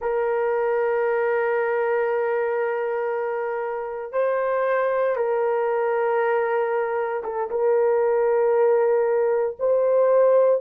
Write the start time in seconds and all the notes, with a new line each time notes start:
0.01 A#4
4.12 C5
5.15 A#4
7.23 A4
7.50 A#4
9.59 C5